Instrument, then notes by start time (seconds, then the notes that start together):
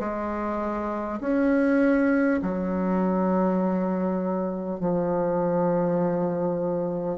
bassoon
0.00 G#3
1.21 C#4
2.42 F#3
4.81 F3